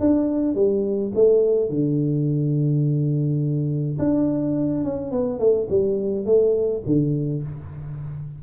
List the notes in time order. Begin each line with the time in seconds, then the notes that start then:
0.00 D4
0.55 G3
1.15 A3
1.69 D3
3.98 D4
4.84 C#4
5.11 B3
5.39 A3
5.69 G3
6.25 A3
6.86 D3